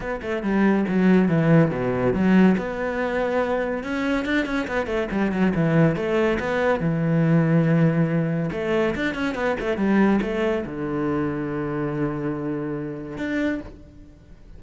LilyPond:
\new Staff \with { instrumentName = "cello" } { \time 4/4 \tempo 4 = 141 b8 a8 g4 fis4 e4 | b,4 fis4 b2~ | b4 cis'4 d'8 cis'8 b8 a8 | g8 fis8 e4 a4 b4 |
e1 | a4 d'8 cis'8 b8 a8 g4 | a4 d2.~ | d2. d'4 | }